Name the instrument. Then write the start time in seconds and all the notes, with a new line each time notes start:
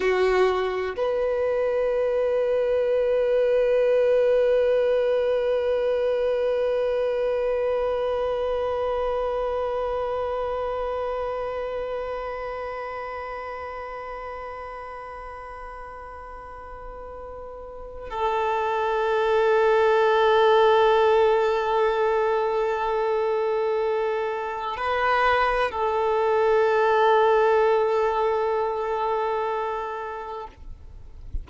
violin
0.00 F#4
0.96 B4
18.10 A4
24.76 B4
25.71 A4